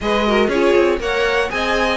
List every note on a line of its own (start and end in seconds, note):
0.01 0.47 G#3
0.01 0.26 G#4
0.01 0.28 B4
0.01 0.49 D#5
0.26 0.51 F#4
0.26 0.48 A#4
0.47 0.72 C#4
0.47 0.99 F4
0.47 0.98 G#4
0.47 0.99 C#5
0.76 0.99 C4
0.99 1.49 A#3
0.99 1.49 A#4
0.99 1.51 C#5
0.99 1.50 F#5
1.49 1.97 C4
1.49 1.97 G#4
1.49 1.97 D#5
1.49 1.97 G#5